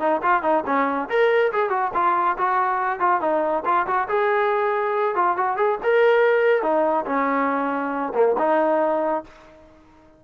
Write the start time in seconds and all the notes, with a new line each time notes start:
0.00 D#4
0.23 F4
0.43 D#4
0.66 C#4
1.09 A#4
1.53 G#4
1.70 F#4
1.94 F4
2.38 F#4
3.00 F4
3.21 D#4
3.65 F4
3.87 F#4
4.09 G#4
5.16 F4
5.37 F#4
5.57 G#4
5.83 A#4
6.63 D#4
7.06 C#4
8.15 A#3
8.39 D#4